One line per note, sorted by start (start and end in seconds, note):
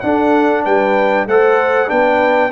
0.00 0.65 D4
0.00 1.28 D4
0.00 0.64 A4
0.00 0.62 F#5
0.64 1.27 G3
0.64 1.26 B4
0.64 1.27 G5
1.27 1.89 A3
1.27 1.87 A4
1.27 1.90 C5
1.27 1.89 F#5
1.87 2.51 B3
1.87 2.50 D4
1.87 2.51 B4
1.87 2.51 G5